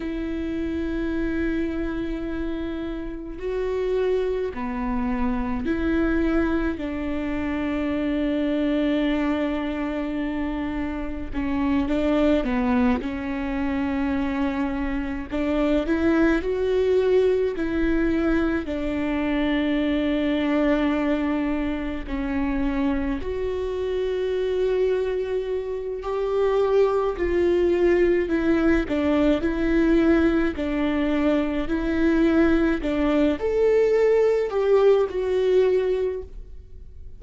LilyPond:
\new Staff \with { instrumentName = "viola" } { \time 4/4 \tempo 4 = 53 e'2. fis'4 | b4 e'4 d'2~ | d'2 cis'8 d'8 b8 cis'8~ | cis'4. d'8 e'8 fis'4 e'8~ |
e'8 d'2. cis'8~ | cis'8 fis'2~ fis'8 g'4 | f'4 e'8 d'8 e'4 d'4 | e'4 d'8 a'4 g'8 fis'4 | }